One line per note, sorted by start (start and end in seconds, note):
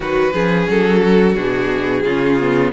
0.00 0.32 D#3
0.00 0.33 F#3
0.00 0.33 F#4
0.00 0.68 B4
0.33 0.67 F3
0.33 1.36 C#4
0.33 1.01 G#4
0.68 1.35 F#3
0.68 1.35 A4
1.01 2.03 F#4
1.35 2.03 B2
1.35 2.05 D4
1.35 2.71 G#4
2.04 2.72 C#3
2.04 2.39 C#4
2.04 2.72 F4
2.39 2.72 B3